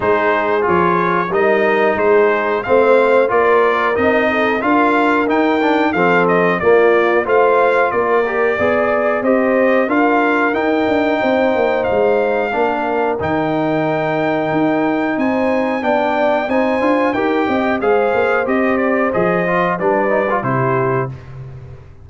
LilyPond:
<<
  \new Staff \with { instrumentName = "trumpet" } { \time 4/4 \tempo 4 = 91 c''4 cis''4 dis''4 c''4 | f''4 d''4 dis''4 f''4 | g''4 f''8 dis''8 d''4 f''4 | d''2 dis''4 f''4 |
g''2 f''2 | g''2. gis''4 | g''4 gis''4 g''4 f''4 | dis''8 d''8 dis''4 d''4 c''4 | }
  \new Staff \with { instrumentName = "horn" } { \time 4/4 gis'2 ais'4 gis'4 | c''4 ais'4. a'8 ais'4~ | ais'4 a'4 f'4 c''4 | ais'4 d''4 c''4 ais'4~ |
ais'4 c''2 ais'4~ | ais'2. c''4 | d''4 c''4 ais'8 dis''8 c''4~ | c''2 b'4 g'4 | }
  \new Staff \with { instrumentName = "trombone" } { \time 4/4 dis'4 f'4 dis'2 | c'4 f'4 dis'4 f'4 | dis'8 d'8 c'4 ais4 f'4~ | f'8 g'8 gis'4 g'4 f'4 |
dis'2. d'4 | dis'1 | d'4 dis'8 f'8 g'4 gis'4 | g'4 gis'8 f'8 d'8 dis'16 f'16 e'4 | }
  \new Staff \with { instrumentName = "tuba" } { \time 4/4 gis4 f4 g4 gis4 | a4 ais4 c'4 d'4 | dis'4 f4 ais4 a4 | ais4 b4 c'4 d'4 |
dis'8 d'8 c'8 ais8 gis4 ais4 | dis2 dis'4 c'4 | b4 c'8 d'8 dis'8 c'8 gis8 ais8 | c'4 f4 g4 c4 | }
>>